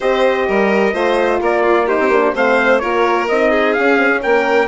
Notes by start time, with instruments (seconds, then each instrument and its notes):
0.00 bassoon C4, horn G4, violin C5, trumpet D#5
0.48 bassoon G3, violin A#4
0.93 bassoon A3, horn F4, violin C5
1.41 bassoon A#3, violin A#4, trumpet D5
1.62 violin F4
1.86 horn D#4, violin G4, trumpet C5
1.99 bassoon C4
2.08 bassoon A#3, horn D4
2.34 bassoon A3, horn C4, violin C5, trumpet F5
2.78 bassoon A#3, horn F4, violin A#4, trumpet C#5
3.28 bassoon C4, horn D#4, trumpet D#5
3.50 violin G#4
3.73 horn C#4, trumpet F5
3.79 bassoon C#4
3.97 horn C4
4.10 horn C#4
4.21 bassoon A#3, violin A#4, trumpet G5